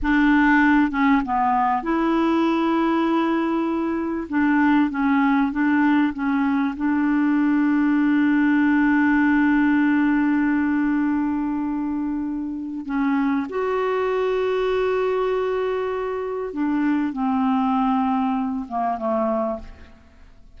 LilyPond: \new Staff \with { instrumentName = "clarinet" } { \time 4/4 \tempo 4 = 98 d'4. cis'8 b4 e'4~ | e'2. d'4 | cis'4 d'4 cis'4 d'4~ | d'1~ |
d'1~ | d'4 cis'4 fis'2~ | fis'2. d'4 | c'2~ c'8 ais8 a4 | }